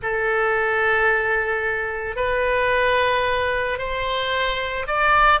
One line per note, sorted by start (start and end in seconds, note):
0.02 2.16 A4
2.16 3.78 B4
3.78 4.86 C5
4.87 5.40 D5